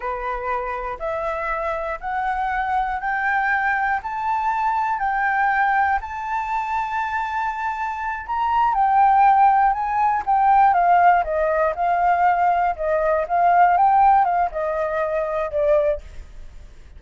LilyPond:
\new Staff \with { instrumentName = "flute" } { \time 4/4 \tempo 4 = 120 b'2 e''2 | fis''2 g''2 | a''2 g''2 | a''1~ |
a''8 ais''4 g''2 gis''8~ | gis''8 g''4 f''4 dis''4 f''8~ | f''4. dis''4 f''4 g''8~ | g''8 f''8 dis''2 d''4 | }